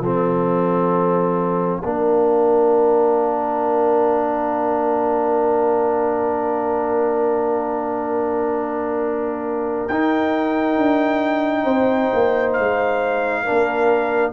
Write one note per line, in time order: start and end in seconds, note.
0.00 1.79 F3
0.00 1.83 C4
0.00 1.82 A4
0.00 9.87 F5
1.84 9.89 A#3
1.84 9.90 D4
1.84 11.64 A#4
9.88 10.77 D#4
9.88 13.46 D#4
9.88 12.54 G5
10.77 11.65 D4
11.64 12.10 C4
11.64 13.43 C5
12.14 12.59 A#3
12.54 13.48 G#3
12.54 14.33 F5
13.44 14.33 D4
13.44 14.33 A#4
13.50 14.33 A#3